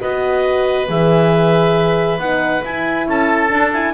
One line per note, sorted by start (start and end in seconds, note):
0.00 0.89 B3
0.00 0.88 F#4
0.00 3.07 B4
0.00 0.88 D#5
0.88 2.18 E3
0.88 2.19 G#4
0.88 2.19 E5
2.18 2.61 B3
2.18 2.63 D#4
2.18 2.63 F#5
2.64 3.49 E4
2.64 3.07 E4
2.64 3.07 G#5
3.07 3.51 C#4
3.07 3.93 A4
3.07 3.72 A5
3.49 3.71 D4
3.49 3.93 D4
3.72 3.93 E4
3.72 3.93 G#5